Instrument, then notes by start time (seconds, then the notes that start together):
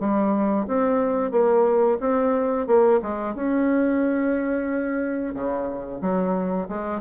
bassoon
0.00 G3
0.68 C4
1.32 A#3
2.01 C4
2.67 A#3
3.02 G#3
3.35 C#4
5.35 C#3
6.02 F#3
6.69 G#3